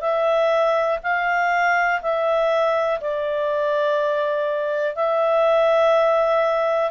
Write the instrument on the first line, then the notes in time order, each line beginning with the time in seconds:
clarinet
0.00 E5
1.02 F5
2.02 E5
3.00 D5
4.95 E5